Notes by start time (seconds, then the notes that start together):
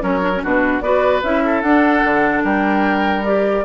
0.00 F#3 C#4 A#4 C#5
0.21 D4
0.36 C#4
0.43 B2 D4 F#4 B4
0.81 B3 F#4 B4 D5
1.23 C#4 E4 E5
1.45 A4
1.62 D4 F#5
2.04 D3
2.44 G3 A#4 G5
3.25 G4 D5